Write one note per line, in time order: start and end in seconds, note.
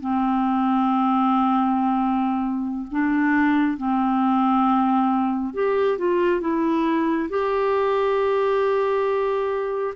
0.00 2.87 C4
2.91 3.77 D4
3.77 5.54 C4
5.54 5.98 G4
5.98 6.41 F4
6.41 7.29 E4
7.30 9.94 G4